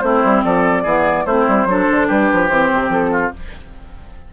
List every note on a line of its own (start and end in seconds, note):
0.00 0.24 A3
0.00 0.85 C4
0.00 0.44 E4
0.00 0.41 C5
0.24 0.44 G3
0.44 0.84 F3
0.44 0.82 A4
0.44 1.26 D5
0.82 1.25 E3
0.82 1.26 B3
0.82 1.24 G#4
1.25 1.46 A3
1.25 1.69 C4
1.25 1.67 E4
1.25 2.08 C5
1.48 1.66 G3
1.66 1.86 F#3
1.66 2.50 D4
1.66 2.07 A4
1.91 2.10 D3
2.07 2.31 G3
2.07 3.11 G4
2.07 2.48 B4
2.33 2.49 F3
2.48 2.70 E3
2.48 3.33 C4
2.48 2.89 C5
2.73 2.89 C3
2.89 3.30 F3
2.89 3.33 A4
3.12 3.32 F4